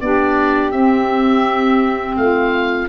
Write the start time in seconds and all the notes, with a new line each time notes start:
0.00 B3 D4 G4 D5
0.71 C4 E5
2.16 A3 F4 F5